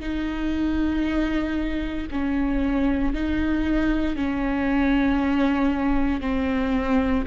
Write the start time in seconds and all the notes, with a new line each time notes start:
0.00 D#4
2.11 C#4
3.14 D#4
4.16 C#4
6.21 C4